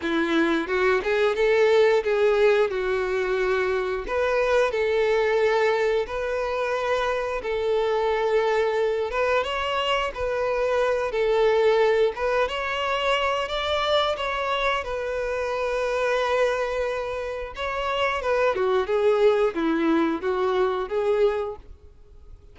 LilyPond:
\new Staff \with { instrumentName = "violin" } { \time 4/4 \tempo 4 = 89 e'4 fis'8 gis'8 a'4 gis'4 | fis'2 b'4 a'4~ | a'4 b'2 a'4~ | a'4. b'8 cis''4 b'4~ |
b'8 a'4. b'8 cis''4. | d''4 cis''4 b'2~ | b'2 cis''4 b'8 fis'8 | gis'4 e'4 fis'4 gis'4 | }